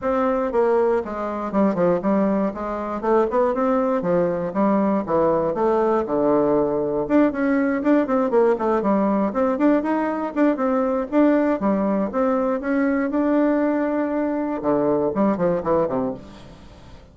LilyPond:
\new Staff \with { instrumentName = "bassoon" } { \time 4/4 \tempo 4 = 119 c'4 ais4 gis4 g8 f8 | g4 gis4 a8 b8 c'4 | f4 g4 e4 a4 | d2 d'8 cis'4 d'8 |
c'8 ais8 a8 g4 c'8 d'8 dis'8~ | dis'8 d'8 c'4 d'4 g4 | c'4 cis'4 d'2~ | d'4 d4 g8 f8 e8 c8 | }